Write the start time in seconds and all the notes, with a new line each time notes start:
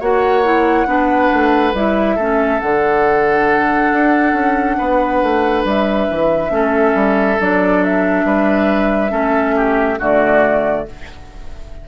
0.00 A#3 F#4 C#5 F#5
0.44 E4
0.87 B3 D4 B4
1.34 A3
1.74 G3 E4 E5
2.16 A3 C#4 A4
2.61 D3 D4 F#5
3.92 D4
4.33 C#4
4.78 B3 B4
5.23 A3
5.65 G3 E5
6.10 E3
6.51 A3 C#4 A4
6.95 G3
7.41 F#3 D4 D5
7.84 E5
8.25 G3 B4
9.10 A3 C#4 A4
9.56 G4
9.99 D3 A3 F#4 D5